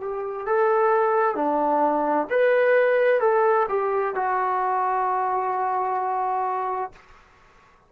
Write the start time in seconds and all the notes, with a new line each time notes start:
0.00 G4
0.46 A4
1.35 D4
2.30 B4
3.20 A4
3.68 G4
4.15 F#4